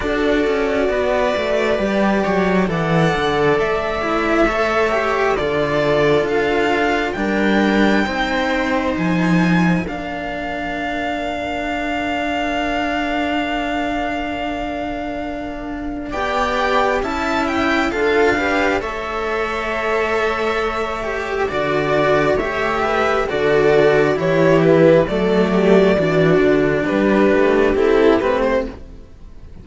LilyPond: <<
  \new Staff \with { instrumentName = "violin" } { \time 4/4 \tempo 4 = 67 d''2. fis''4 | e''2 d''4 f''4 | g''2 gis''4 f''4~ | f''1~ |
f''2 g''4 a''8 g''8 | f''4 e''2. | d''4 e''4 d''4 cis''8 b'8 | d''2 b'4 a'8 b'16 c''16 | }
  \new Staff \with { instrumentName = "viola" } { \time 4/4 a'4 b'4. cis''8 d''4~ | d''4 cis''4 a'2 | ais'4 c''2 ais'4~ | ais'1~ |
ais'2 d''4 e''4 | a'8 b'8 cis''2. | d''4 cis''8 b'8 a'4 g'4 | a'8 g'8 fis'4 g'2 | }
  \new Staff \with { instrumentName = "cello" } { \time 4/4 fis'2 g'4 a'4~ | a'8 e'8 a'8 g'8 f'2 | d'4 dis'2 d'4~ | d'1~ |
d'2 g'4 e'4 | f'8 g'8 a'2~ a'8 g'8 | fis'4 g'4 fis'4 e'4 | a4 d'2 e'8 c'8 | }
  \new Staff \with { instrumentName = "cello" } { \time 4/4 d'8 cis'8 b8 a8 g8 fis8 e8 d8 | a2 d4 d'4 | g4 c'4 f4 ais4~ | ais1~ |
ais2 b4 cis'4 | d'4 a2. | d4 a4 d4 e4 | fis4 e8 d8 g8 a8 c'8 a8 | }
>>